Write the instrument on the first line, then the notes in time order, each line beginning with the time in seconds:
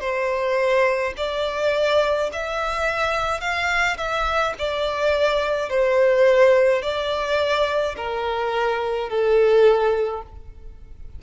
violin
0.00 C5
1.17 D5
2.33 E5
3.40 F5
3.97 E5
4.58 D5
5.69 C5
6.82 D5
7.97 A#4
9.09 A4